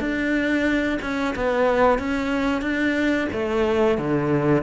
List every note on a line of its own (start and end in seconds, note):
0.00 0.99 D4
1.02 1.35 C#4
1.35 1.99 B3
1.99 2.62 C#4
2.62 3.28 D4
3.33 3.98 A3
3.98 4.63 D3